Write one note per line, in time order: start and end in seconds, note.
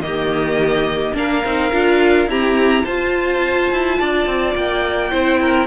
0.00 1.13 D#3
0.00 1.14 A#3
0.00 1.17 G4
0.00 1.14 D#5
1.14 1.42 A#3
1.14 1.42 D4
1.14 2.30 A#4
1.14 2.30 F5
1.44 1.72 C4
1.44 1.72 D#4
1.72 2.27 D4
1.72 2.29 F4
2.27 2.85 C4
2.27 2.84 E4
2.27 2.84 G4
2.27 2.85 A#5
2.84 3.71 F4
2.84 5.11 F4
2.84 3.98 C5
2.84 4.55 A5
3.71 3.99 E4
4.00 4.27 D4
4.00 5.11 D5
4.27 4.55 C4
4.55 5.12 A#3
4.55 5.67 G5
5.11 5.67 C4
5.11 5.67 E4
5.11 5.39 C5
5.42 5.67 A#4